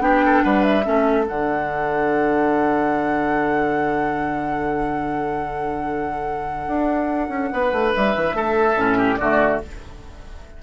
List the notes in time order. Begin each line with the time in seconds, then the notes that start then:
0.00 B3 D4 G4 G5
0.25 A4
0.43 G3 B4 F#5
0.64 E5
0.85 A3 C#4 A4
1.24 D3 D4 F#5
6.68 D4
7.29 C#4
7.53 B3 B4
7.73 A3
7.95 G3 E5
8.16 E3
8.34 A3 A4
8.77 A2 C#4
8.98 G4
9.16 D3 A3 F#4 D5